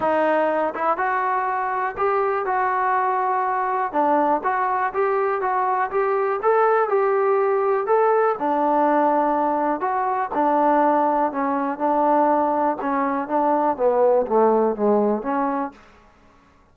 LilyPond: \new Staff \with { instrumentName = "trombone" } { \time 4/4 \tempo 4 = 122 dis'4. e'8 fis'2 | g'4 fis'2. | d'4 fis'4 g'4 fis'4 | g'4 a'4 g'2 |
a'4 d'2. | fis'4 d'2 cis'4 | d'2 cis'4 d'4 | b4 a4 gis4 cis'4 | }